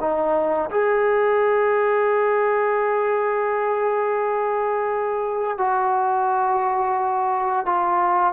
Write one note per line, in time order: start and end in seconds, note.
0.00 0.70 D#4
0.70 5.58 G#4
5.58 7.66 F#4
7.66 8.33 F4